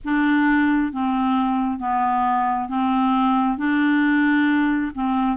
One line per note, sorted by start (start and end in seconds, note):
0.04 0.92 D4
0.92 1.79 C4
1.79 2.68 B3
2.68 3.57 C4
3.57 4.91 D4
4.94 5.37 C4